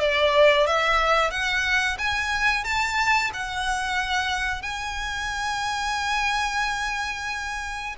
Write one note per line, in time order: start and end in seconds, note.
0.00 0.67 D5
0.67 1.31 E5
1.31 1.98 F#5
1.98 2.64 G#5
2.64 3.31 A5
3.34 4.62 F#5
4.62 7.96 G#5